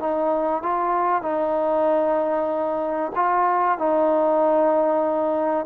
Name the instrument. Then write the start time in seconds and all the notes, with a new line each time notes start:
trombone
0.00 D#4
0.63 F4
1.23 D#4
3.16 F4
3.78 D#4